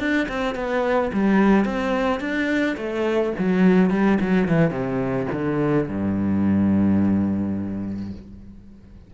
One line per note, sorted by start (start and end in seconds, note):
0.00 0.28 D4
0.29 0.56 C4
0.56 1.12 B3
1.13 1.66 G3
1.66 2.21 C4
2.21 2.77 D4
2.77 3.33 A3
3.39 3.90 F#3
3.90 4.19 G3
4.21 4.49 F#3
4.49 4.71 E3
4.71 5.27 C3
5.33 5.89 D3
5.89 8.13 G2